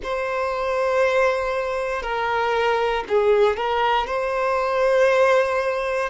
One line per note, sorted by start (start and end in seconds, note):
0.03 2.02 C5
2.02 3.04 A#4
3.08 3.56 G#4
3.56 4.06 A#4
4.06 6.09 C5